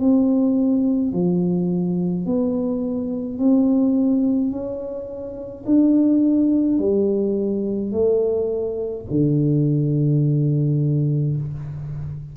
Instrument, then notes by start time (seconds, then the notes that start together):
tuba
0.00 C4
1.13 F3
2.26 B3
3.39 C4
4.52 C#4
5.67 D4
6.79 G3
7.92 A3
9.11 D3